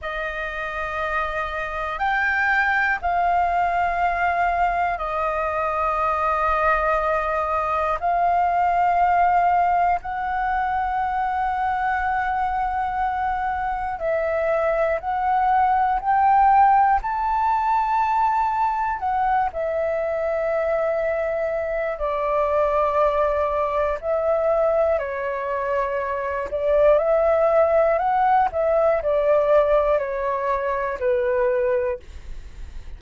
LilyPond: \new Staff \with { instrumentName = "flute" } { \time 4/4 \tempo 4 = 60 dis''2 g''4 f''4~ | f''4 dis''2. | f''2 fis''2~ | fis''2 e''4 fis''4 |
g''4 a''2 fis''8 e''8~ | e''2 d''2 | e''4 cis''4. d''8 e''4 | fis''8 e''8 d''4 cis''4 b'4 | }